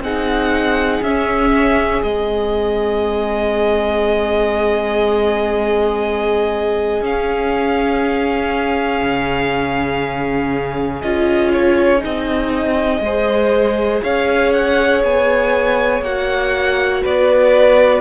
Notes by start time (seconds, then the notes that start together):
0.00 C4 D#4 G#4 F#5
1.02 C#4 E5
2.03 G#3 C4 D#5
7.01 C#4 F5
9.03 C#3
11.02 C#4 F4 D#5
11.53 C#5
11.99 D#4
12.05 C4 D#5
13.01 G#3 C5
13.07 G#4
14.03 C#4 C#5 F5
14.53 F#5
15.04 B3 G#5
16.02 A#3 F#4 F#5
17.04 B3 B4 D5